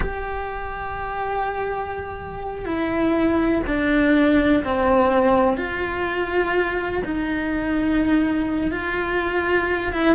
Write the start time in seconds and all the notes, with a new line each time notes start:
0.00 G4
2.65 E4
3.66 D4
4.63 C4
5.57 F4
7.04 D#4
8.71 F4
9.92 E4